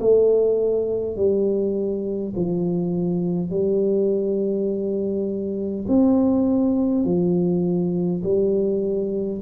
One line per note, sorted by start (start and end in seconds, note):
0.00 1.17 A3
1.17 2.34 G3
2.36 3.50 F3
3.50 5.86 G3
5.88 7.05 C4
7.05 8.22 F3
8.24 9.41 G3